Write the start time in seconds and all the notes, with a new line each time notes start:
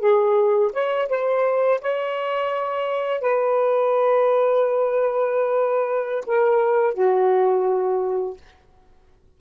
0.00 G#4
0.73 C#5
1.09 C5
1.81 C#5
3.21 B4
6.27 A#4
6.94 F#4